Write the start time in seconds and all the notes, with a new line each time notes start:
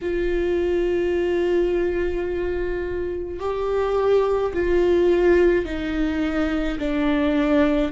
0.01 F4
3.39 G4
4.53 F4
5.65 D#4
6.78 D4